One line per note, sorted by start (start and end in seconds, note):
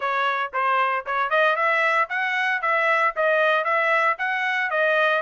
0.00 0.51 C#5
0.53 1.05 C5
1.06 1.29 C#5
1.29 1.56 D#5
1.56 2.08 E5
2.09 2.61 F#5
2.61 3.14 E5
3.15 3.64 D#5
3.64 4.16 E5
4.18 4.70 F#5
4.70 5.22 D#5